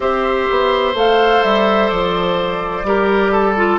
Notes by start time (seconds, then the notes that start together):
0.00 C4 G4 C5 E5
0.50 B3
0.94 A3 A4 F5
1.43 G3 E5
1.89 F3 D5
2.83 G3 G4 A#4
3.32 A4
3.56 F4